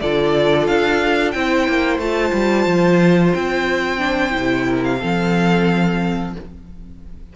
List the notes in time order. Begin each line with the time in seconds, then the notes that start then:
0.00 D3 F4 A4 D5
0.67 D4 F5
1.31 C4 E4 C5 G5
1.68 A#3
1.98 A3 F4 A5
2.33 G3
2.66 F3
3.33 C4 G5
3.98 D4
4.30 E4
4.37 C3
4.66 A#4
4.84 F5
4.99 F3 C4 A4